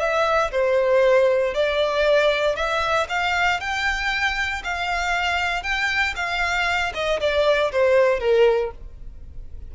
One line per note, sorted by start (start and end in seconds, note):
0.00 0.51 E5
0.52 1.55 C5
1.55 2.56 D5
2.56 3.08 E5
3.10 3.61 F5
3.61 4.63 G5
4.65 5.64 F5
5.64 6.15 G5
6.16 6.93 F5
6.95 7.20 D#5
7.21 7.72 D5
7.72 8.20 C5
8.20 8.72 A#4